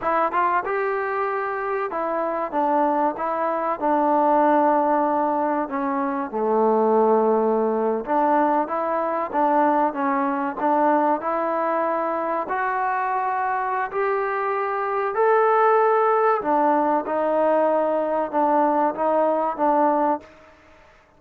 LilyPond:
\new Staff \with { instrumentName = "trombone" } { \time 4/4 \tempo 4 = 95 e'8 f'8 g'2 e'4 | d'4 e'4 d'2~ | d'4 cis'4 a2~ | a8. d'4 e'4 d'4 cis'16~ |
cis'8. d'4 e'2 fis'16~ | fis'2 g'2 | a'2 d'4 dis'4~ | dis'4 d'4 dis'4 d'4 | }